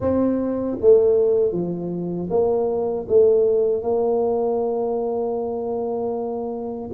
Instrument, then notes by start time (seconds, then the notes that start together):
tuba
0.00 C4
0.80 A3
1.51 F3
2.30 A#3
3.08 A3
3.82 A#3